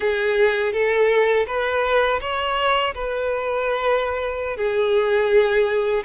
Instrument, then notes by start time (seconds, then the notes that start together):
violin
0.00 G#4
0.73 A4
1.46 B4
2.20 C#5
2.94 B4
4.57 G#4